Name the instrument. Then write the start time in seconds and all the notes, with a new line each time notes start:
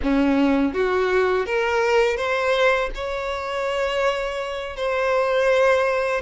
violin
0.02 C#4
0.73 F#4
1.46 A#4
2.16 C5
2.94 C#5
4.76 C5